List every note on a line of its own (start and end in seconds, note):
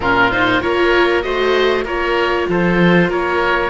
0.00 0.62 A#2
0.00 0.32 C#4
0.00 0.62 F4
0.00 0.31 A#4
0.31 0.61 D#4
0.31 0.61 C5
0.61 1.23 A#3
0.61 1.22 F4
0.61 1.24 A#4
0.61 1.22 C#5
1.22 1.84 A3
1.22 1.84 F#4
1.22 1.84 C5
1.22 1.84 D#5
1.84 2.46 A#3
1.84 3.69 F4
1.84 2.46 A#4
1.84 2.48 C#5
2.48 3.08 F3
2.48 3.09 A4
2.48 3.11 C5
3.08 3.69 A#3
3.08 3.69 A#4
3.08 3.69 C#5